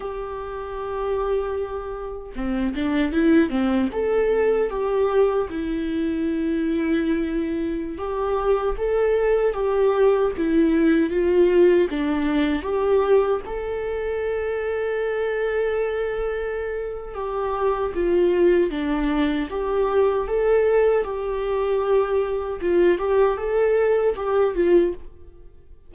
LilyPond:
\new Staff \with { instrumentName = "viola" } { \time 4/4 \tempo 4 = 77 g'2. c'8 d'8 | e'8 c'8 a'4 g'4 e'4~ | e'2~ e'16 g'4 a'8.~ | a'16 g'4 e'4 f'4 d'8.~ |
d'16 g'4 a'2~ a'8.~ | a'2 g'4 f'4 | d'4 g'4 a'4 g'4~ | g'4 f'8 g'8 a'4 g'8 f'8 | }